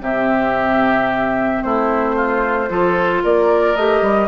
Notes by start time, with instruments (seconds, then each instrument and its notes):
0.00 bassoon C3, clarinet C4, oboe G4, flute E5
1.62 bassoon A3, oboe E4, flute C5
2.15 oboe F4
2.69 bassoon F3, clarinet F4, oboe A4
3.23 bassoon A#3, oboe A#4, flute D5
3.75 bassoon A3, clarinet G4, flute D#5
4.01 bassoon G3